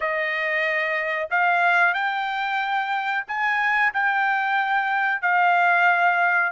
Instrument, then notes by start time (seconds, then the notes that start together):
trumpet
0.00 D#5
1.30 F5
1.94 G5
3.27 G#5
3.93 G5
5.21 F5